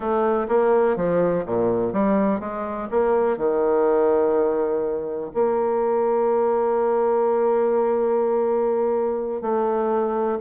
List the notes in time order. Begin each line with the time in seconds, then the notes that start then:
0.00 A3
0.48 A#3
0.96 F3
1.45 A#2
1.92 G3
2.40 G#3
2.90 A#3
3.37 D#3
5.34 A#3
9.41 A3